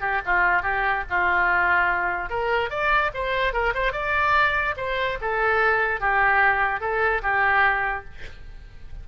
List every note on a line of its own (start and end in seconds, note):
0.00 0.21 G4
0.25 0.62 F4
0.62 1.03 G4
1.09 2.30 F4
2.30 2.70 A#4
2.70 3.11 D5
3.14 3.53 C5
3.53 3.73 A#4
3.74 3.92 C5
3.92 4.74 D5
4.77 5.18 C5
5.21 6.00 A4
6.00 6.80 G4
6.80 7.21 A4
7.22 8.04 G4